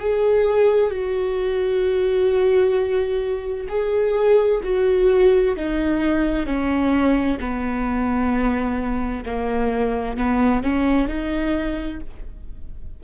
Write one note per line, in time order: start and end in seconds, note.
0.00 0.91 G#4
0.91 3.68 F#4
3.68 4.61 G#4
4.64 5.56 F#4
5.56 6.46 D#4
6.46 7.38 C#4
7.40 9.24 B3
9.26 10.17 A#3
10.17 10.63 B3
10.63 11.08 C#4
11.08 12.00 D#4